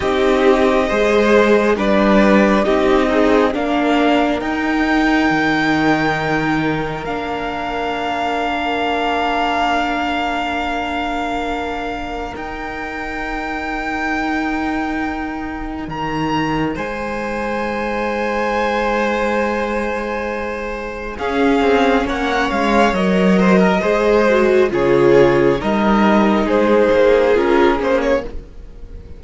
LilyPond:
<<
  \new Staff \with { instrumentName = "violin" } { \time 4/4 \tempo 4 = 68 dis''2 d''4 dis''4 | f''4 g''2. | f''1~ | f''2 g''2~ |
g''2 ais''4 gis''4~ | gis''1 | f''4 fis''8 f''8 dis''2 | cis''4 dis''4 c''4 ais'8 c''16 cis''16 | }
  \new Staff \with { instrumentName = "violin" } { \time 4/4 g'4 c''4 b'4 g'8 dis'8 | ais'1~ | ais'1~ | ais'1~ |
ais'2. c''4~ | c''1 | gis'4 cis''4. c''16 ais'16 c''4 | gis'4 ais'4 gis'2 | }
  \new Staff \with { instrumentName = "viola" } { \time 4/4 dis'4 gis'4 d'4 dis'8 gis'8 | d'4 dis'2. | d'1~ | d'2 dis'2~ |
dis'1~ | dis'1 | cis'2 ais'4 gis'8 fis'8 | f'4 dis'2 f'8 cis'8 | }
  \new Staff \with { instrumentName = "cello" } { \time 4/4 c'4 gis4 g4 c'4 | ais4 dis'4 dis2 | ais1~ | ais2 dis'2~ |
dis'2 dis4 gis4~ | gis1 | cis'8 c'8 ais8 gis8 fis4 gis4 | cis4 g4 gis8 ais8 cis'8 ais8 | }
>>